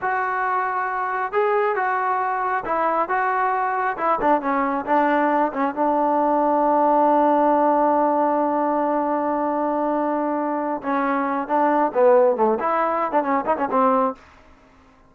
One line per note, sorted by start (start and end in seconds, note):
0.01 1.32 F#4
1.32 1.75 G#4
1.75 2.64 F#4
2.65 3.08 E4
3.08 3.96 F#4
3.97 4.19 E4
4.21 4.41 D4
4.41 4.85 C#4
4.85 5.51 D4
5.53 5.74 C#4
5.74 10.82 D4
10.82 11.47 C#4
11.47 11.91 D4
11.93 12.36 B3
12.36 12.58 A3
12.59 13.11 E4
13.11 13.22 D4
13.22 13.44 C#4
13.45 13.56 D#4
13.57 13.68 C#4
13.70 14.14 C4